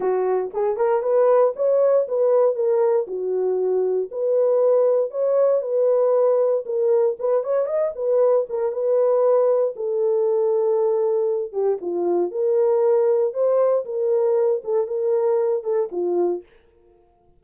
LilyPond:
\new Staff \with { instrumentName = "horn" } { \time 4/4 \tempo 4 = 117 fis'4 gis'8 ais'8 b'4 cis''4 | b'4 ais'4 fis'2 | b'2 cis''4 b'4~ | b'4 ais'4 b'8 cis''8 dis''8 b'8~ |
b'8 ais'8 b'2 a'4~ | a'2~ a'8 g'8 f'4 | ais'2 c''4 ais'4~ | ais'8 a'8 ais'4. a'8 f'4 | }